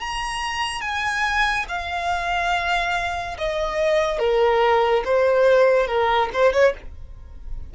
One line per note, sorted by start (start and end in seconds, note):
0.00 0.81 A#5
0.81 1.66 G#5
1.69 3.38 F5
3.38 4.19 D#5
4.19 5.04 A#4
5.05 5.88 C5
5.88 6.30 A#4
6.33 6.53 C5
6.53 6.74 C#5